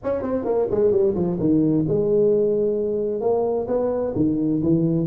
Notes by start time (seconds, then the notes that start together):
0.03 C#4
0.21 C4
0.44 A#3
0.70 G#3
0.91 G3
1.14 F3
1.39 D#3
1.87 G#3
3.20 A#3
3.67 B3
4.15 D#3
4.62 E3